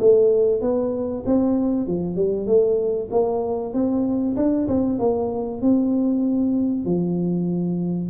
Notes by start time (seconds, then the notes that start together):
0.00 A3
0.61 B3
1.26 C4
1.87 F3
2.16 G3
2.47 A3
3.11 A#3
3.73 C4
4.36 D4
4.68 C4
4.99 A#3
5.61 C4
6.85 F3